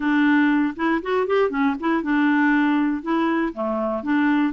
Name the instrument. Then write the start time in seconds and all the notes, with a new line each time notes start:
clarinet
0.00 D4
0.76 E4
1.02 F#4
1.27 G4
1.49 C#4
1.79 E4
2.02 D4
3.02 E4
3.53 A3
4.03 D4